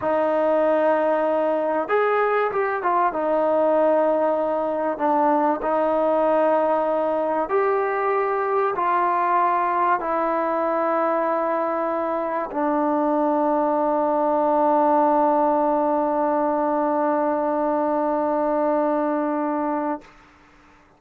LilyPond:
\new Staff \with { instrumentName = "trombone" } { \time 4/4 \tempo 4 = 96 dis'2. gis'4 | g'8 f'8 dis'2. | d'4 dis'2. | g'2 f'2 |
e'1 | d'1~ | d'1~ | d'1 | }